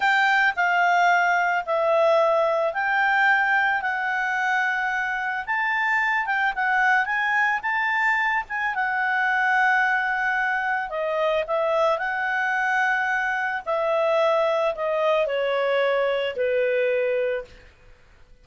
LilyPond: \new Staff \with { instrumentName = "clarinet" } { \time 4/4 \tempo 4 = 110 g''4 f''2 e''4~ | e''4 g''2 fis''4~ | fis''2 a''4. g''8 | fis''4 gis''4 a''4. gis''8 |
fis''1 | dis''4 e''4 fis''2~ | fis''4 e''2 dis''4 | cis''2 b'2 | }